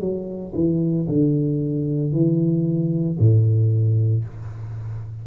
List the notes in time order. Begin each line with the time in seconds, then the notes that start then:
0.00 F#3
0.55 E3
1.09 D3
2.12 E3
3.20 A2